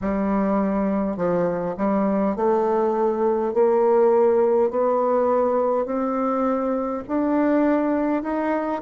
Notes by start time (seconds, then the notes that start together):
0.01 G3
1.17 F3
1.77 G3
2.35 A3
3.53 A#3
4.70 B3
5.85 C4
7.07 D4
8.22 D#4